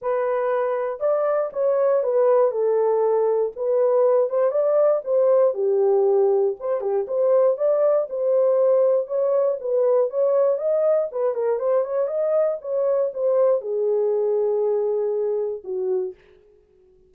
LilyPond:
\new Staff \with { instrumentName = "horn" } { \time 4/4 \tempo 4 = 119 b'2 d''4 cis''4 | b'4 a'2 b'4~ | b'8 c''8 d''4 c''4 g'4~ | g'4 c''8 g'8 c''4 d''4 |
c''2 cis''4 b'4 | cis''4 dis''4 b'8 ais'8 c''8 cis''8 | dis''4 cis''4 c''4 gis'4~ | gis'2. fis'4 | }